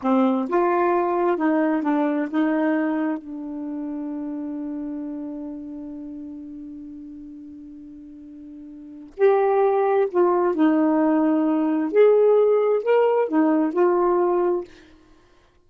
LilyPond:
\new Staff \with { instrumentName = "saxophone" } { \time 4/4 \tempo 4 = 131 c'4 f'2 dis'4 | d'4 dis'2 d'4~ | d'1~ | d'1~ |
d'1 | g'2 f'4 dis'4~ | dis'2 gis'2 | ais'4 dis'4 f'2 | }